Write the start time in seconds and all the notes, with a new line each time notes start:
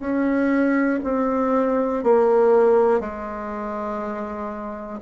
0.00 C#4
1.05 C4
2.04 A#3
3.00 G#3